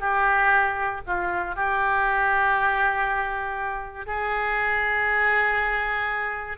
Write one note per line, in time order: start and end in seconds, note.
0.00 1.01 G4
1.06 1.55 F4
1.55 4.06 G4
4.06 6.58 G#4